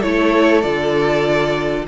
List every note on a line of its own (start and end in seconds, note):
0.00 0.64 A3
0.00 0.62 E4
0.00 1.86 A4
0.00 0.62 C#5
0.62 1.87 D3
0.62 1.86 F4
0.62 1.85 D5